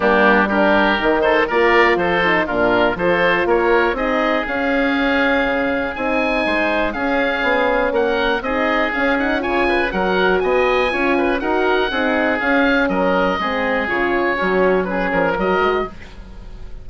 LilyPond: <<
  \new Staff \with { instrumentName = "oboe" } { \time 4/4 \tempo 4 = 121 g'4 ais'4. c''8 d''4 | c''4 ais'4 c''4 cis''4 | dis''4 f''2. | gis''2 f''2 |
fis''4 dis''4 f''8 fis''8 gis''4 | fis''4 gis''2 fis''4~ | fis''4 f''4 dis''2 | cis''2 b'8 ais'8 dis''4 | }
  \new Staff \with { instrumentName = "oboe" } { \time 4/4 d'4 g'4. a'8 ais'4 | a'4 f'4 a'4 ais'4 | gis'1~ | gis'4 c''4 gis'2 |
ais'4 gis'2 cis''8 b'8 | ais'4 dis''4 cis''8 b'8 ais'4 | gis'2 ais'4 gis'4~ | gis'4 cis'4 gis'4 ais'4 | }
  \new Staff \with { instrumentName = "horn" } { \time 4/4 ais4 d'4 dis'4 f'4~ | f'8 dis'8 d'4 f'2 | dis'4 cis'2. | dis'2 cis'2~ |
cis'4 dis'4 cis'8 dis'8 f'4 | fis'2 f'4 fis'4 | dis'4 cis'2 c'4 | f'4 fis'4 cis'4 fis'4 | }
  \new Staff \with { instrumentName = "bassoon" } { \time 4/4 g2 dis4 ais4 | f4 ais,4 f4 ais4 | c'4 cis'2 cis4 | c'4 gis4 cis'4 b4 |
ais4 c'4 cis'4 cis4 | fis4 b4 cis'4 dis'4 | c'4 cis'4 fis4 gis4 | cis4 fis4. f8 fis8 gis8 | }
>>